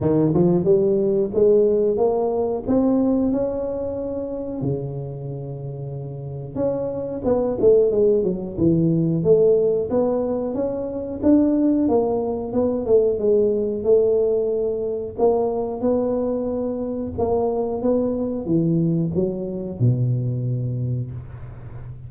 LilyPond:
\new Staff \with { instrumentName = "tuba" } { \time 4/4 \tempo 4 = 91 dis8 f8 g4 gis4 ais4 | c'4 cis'2 cis4~ | cis2 cis'4 b8 a8 | gis8 fis8 e4 a4 b4 |
cis'4 d'4 ais4 b8 a8 | gis4 a2 ais4 | b2 ais4 b4 | e4 fis4 b,2 | }